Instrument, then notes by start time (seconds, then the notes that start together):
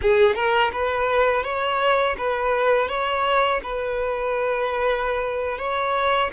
violin
0.01 G#4
0.35 A#4
0.72 B4
1.43 C#5
2.17 B4
2.88 C#5
3.63 B4
5.58 C#5